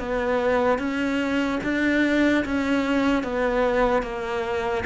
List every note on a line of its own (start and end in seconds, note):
0.00 0.79 B3
0.79 1.60 C#4
1.64 2.45 D4
2.45 3.24 C#4
3.24 4.03 B3
4.03 4.84 A#3